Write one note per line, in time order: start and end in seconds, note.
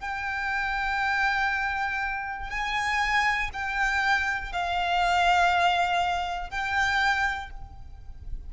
0.00 2.50 G5
2.50 3.50 G#5
3.53 4.53 G5
4.53 6.50 F5
6.50 7.50 G5